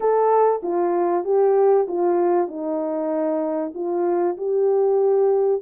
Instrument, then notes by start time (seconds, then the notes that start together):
horn
0.00 A4
0.62 F4
1.24 G4
1.88 F4
2.48 D#4
3.74 F4
4.37 G4